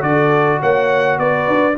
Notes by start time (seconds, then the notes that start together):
0.00 D3 F#4 A4 D5
0.60 A#3 C#5 F#5
1.19 B3 B4 D5
1.47 D4